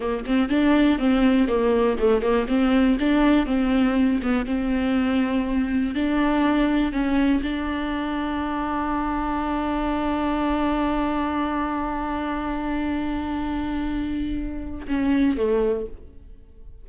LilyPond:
\new Staff \with { instrumentName = "viola" } { \time 4/4 \tempo 4 = 121 ais8 c'8 d'4 c'4 ais4 | a8 ais8 c'4 d'4 c'4~ | c'8 b8 c'2. | d'2 cis'4 d'4~ |
d'1~ | d'1~ | d'1~ | d'2 cis'4 a4 | }